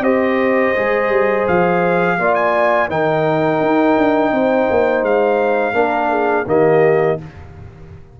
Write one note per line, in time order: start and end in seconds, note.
0.00 0.71 C4
0.00 0.75 G4
0.00 2.18 C5
0.00 1.46 D#5
0.75 1.09 G#3
0.75 2.18 G#4
1.09 1.44 G3
1.47 2.18 F3
1.47 2.34 F5
2.18 2.89 A#3
2.18 2.89 F4
2.18 2.88 D5
2.34 2.88 G#5
2.88 3.60 D#3
2.88 5.73 D#4
2.88 4.31 A#4
2.88 5.04 G5
3.60 3.96 D#4
3.97 4.31 D4
4.31 4.67 C4
4.31 5.75 C5
4.70 5.02 A#3
5.02 5.73 G#3
5.02 6.47 F5
5.73 6.44 A#3
5.73 6.45 D4
5.73 6.10 A#4
6.10 6.46 G#4
6.46 7.17 D#3
6.46 7.18 A#3
6.46 7.19 G4
6.46 7.20 D#5